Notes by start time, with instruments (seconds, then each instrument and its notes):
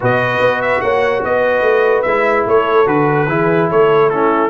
0.00 tuba B2, trombone F#4, horn B4, trumpet D#5
0.40 tuba B3
0.61 trumpet E5
0.81 tuba A#3, horn C#5, trumpet F#5
1.23 tuba B3, horn B4, trumpet D#5
1.62 tuba A3
2.02 tuba G#3, trombone E4, trumpet E5
2.46 tuba A3, horn A4, trumpet C#5
2.86 tuba D3, trombone F#4, trumpet B4
3.27 tuba E3, trombone E4, horn G#4
3.69 tuba A3, horn A4, trumpet C#5
4.09 trombone C#4, horn E4, trumpet A4